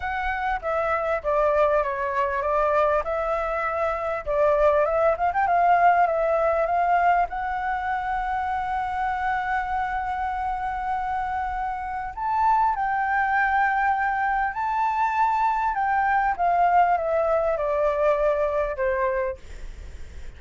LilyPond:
\new Staff \with { instrumentName = "flute" } { \time 4/4 \tempo 4 = 99 fis''4 e''4 d''4 cis''4 | d''4 e''2 d''4 | e''8 f''16 g''16 f''4 e''4 f''4 | fis''1~ |
fis''1 | a''4 g''2. | a''2 g''4 f''4 | e''4 d''2 c''4 | }